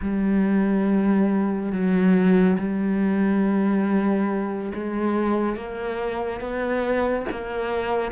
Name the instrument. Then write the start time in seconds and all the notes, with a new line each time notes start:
cello
0.01 G3
1.71 F#3
2.58 G3
4.74 G#3
5.56 A#3
6.40 B3
7.31 A#3